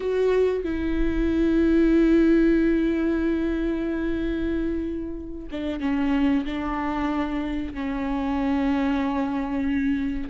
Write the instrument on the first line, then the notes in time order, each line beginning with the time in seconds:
viola
0.00 F#4
0.64 E4
5.51 D4
5.80 C#4
6.45 D4
7.74 C#4